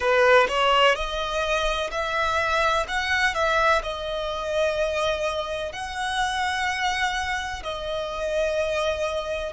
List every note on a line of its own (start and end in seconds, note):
0.00 0.47 B4
0.48 0.95 C#5
0.95 1.90 D#5
1.90 2.86 E5
2.87 3.34 F#5
3.34 3.81 E5
3.82 5.72 D#5
5.72 7.62 F#5
7.63 9.52 D#5